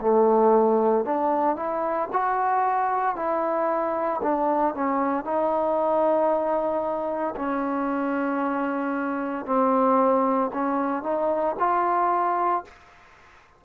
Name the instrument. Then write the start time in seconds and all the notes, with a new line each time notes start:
trombone
0.00 A3
1.05 D4
1.56 E4
2.12 F#4
3.15 E4
4.22 D4
4.74 C#4
5.24 D#4
7.36 C#4
9.45 C4
10.53 C#4
11.03 D#4
11.59 F4